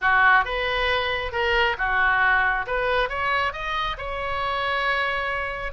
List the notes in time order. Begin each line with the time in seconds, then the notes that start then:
0.01 F#4
0.44 B4
1.32 A#4
1.77 F#4
2.66 B4
3.09 C#5
3.52 D#5
3.97 C#5